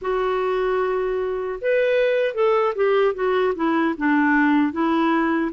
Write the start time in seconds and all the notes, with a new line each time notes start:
0.01 F#4
1.61 B4
2.34 A4
2.75 G4
3.14 F#4
3.55 E4
3.97 D4
4.72 E4